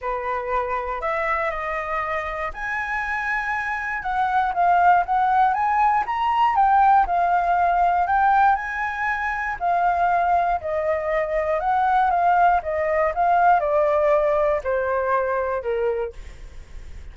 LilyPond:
\new Staff \with { instrumentName = "flute" } { \time 4/4 \tempo 4 = 119 b'2 e''4 dis''4~ | dis''4 gis''2. | fis''4 f''4 fis''4 gis''4 | ais''4 g''4 f''2 |
g''4 gis''2 f''4~ | f''4 dis''2 fis''4 | f''4 dis''4 f''4 d''4~ | d''4 c''2 ais'4 | }